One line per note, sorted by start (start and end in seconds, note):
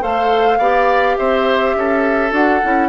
0.00 0.58 A3
0.00 0.58 A4
0.00 0.58 C5
0.00 1.17 F5
0.58 1.16 B3
0.58 2.31 G4
0.58 1.16 D5
1.17 1.75 C4
1.17 1.76 C5
1.17 2.32 E5
1.75 2.31 C#4
1.75 2.89 A4
2.31 2.60 D4
2.31 2.59 F#4
2.31 2.89 F#5
2.62 2.89 C#4
2.62 2.89 E4